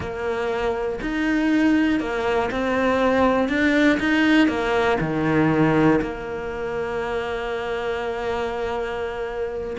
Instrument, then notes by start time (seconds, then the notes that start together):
cello
0.00 A#3
1.01 D#4
2.00 A#3
2.51 C4
3.48 D4
3.99 D#4
4.47 A#3
5.00 D#3
6.01 A#3